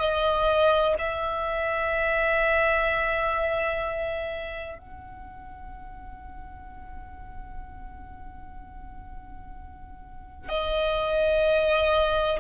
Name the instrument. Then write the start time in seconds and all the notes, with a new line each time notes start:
violin
0.00 D#5
0.99 E5
4.79 F#5
10.49 D#5